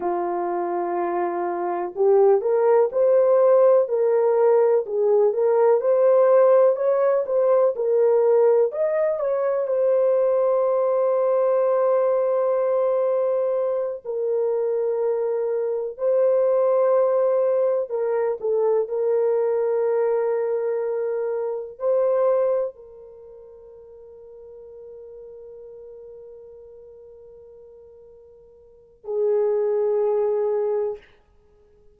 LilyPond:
\new Staff \with { instrumentName = "horn" } { \time 4/4 \tempo 4 = 62 f'2 g'8 ais'8 c''4 | ais'4 gis'8 ais'8 c''4 cis''8 c''8 | ais'4 dis''8 cis''8 c''2~ | c''2~ c''8 ais'4.~ |
ais'8 c''2 ais'8 a'8 ais'8~ | ais'2~ ais'8 c''4 ais'8~ | ais'1~ | ais'2 gis'2 | }